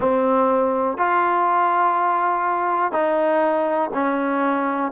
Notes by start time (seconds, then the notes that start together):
0.00 C4
0.97 F4
2.92 D#4
3.93 C#4